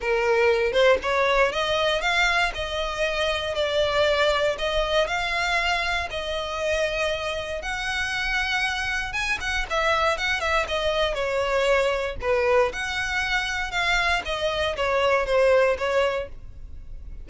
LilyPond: \new Staff \with { instrumentName = "violin" } { \time 4/4 \tempo 4 = 118 ais'4. c''8 cis''4 dis''4 | f''4 dis''2 d''4~ | d''4 dis''4 f''2 | dis''2. fis''4~ |
fis''2 gis''8 fis''8 e''4 | fis''8 e''8 dis''4 cis''2 | b'4 fis''2 f''4 | dis''4 cis''4 c''4 cis''4 | }